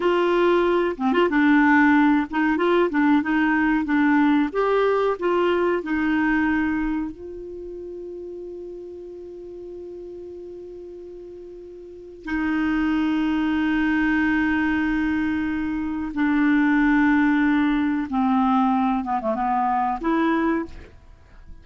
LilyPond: \new Staff \with { instrumentName = "clarinet" } { \time 4/4 \tempo 4 = 93 f'4. c'16 f'16 d'4. dis'8 | f'8 d'8 dis'4 d'4 g'4 | f'4 dis'2 f'4~ | f'1~ |
f'2. dis'4~ | dis'1~ | dis'4 d'2. | c'4. b16 a16 b4 e'4 | }